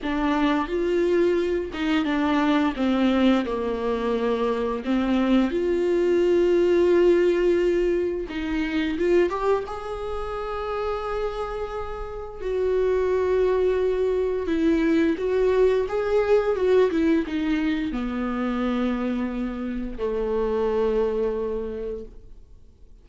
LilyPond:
\new Staff \with { instrumentName = "viola" } { \time 4/4 \tempo 4 = 87 d'4 f'4. dis'8 d'4 | c'4 ais2 c'4 | f'1 | dis'4 f'8 g'8 gis'2~ |
gis'2 fis'2~ | fis'4 e'4 fis'4 gis'4 | fis'8 e'8 dis'4 b2~ | b4 a2. | }